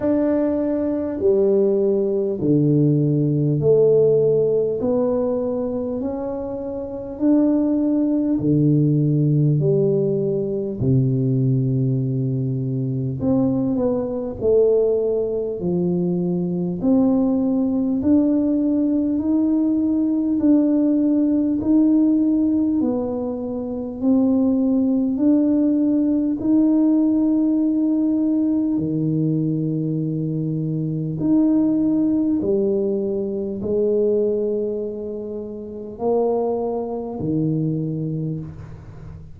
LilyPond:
\new Staff \with { instrumentName = "tuba" } { \time 4/4 \tempo 4 = 50 d'4 g4 d4 a4 | b4 cis'4 d'4 d4 | g4 c2 c'8 b8 | a4 f4 c'4 d'4 |
dis'4 d'4 dis'4 b4 | c'4 d'4 dis'2 | dis2 dis'4 g4 | gis2 ais4 dis4 | }